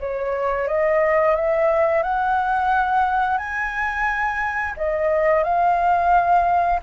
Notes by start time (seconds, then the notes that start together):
0.00 C#5
0.68 D#5
1.36 E5
2.03 F#5
3.38 G#5
4.77 D#5
5.44 F5